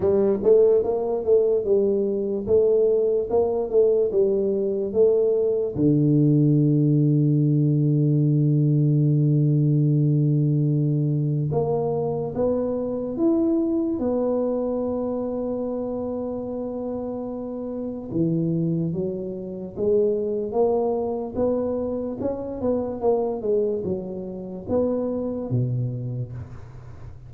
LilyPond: \new Staff \with { instrumentName = "tuba" } { \time 4/4 \tempo 4 = 73 g8 a8 ais8 a8 g4 a4 | ais8 a8 g4 a4 d4~ | d1~ | d2 ais4 b4 |
e'4 b2.~ | b2 e4 fis4 | gis4 ais4 b4 cis'8 b8 | ais8 gis8 fis4 b4 b,4 | }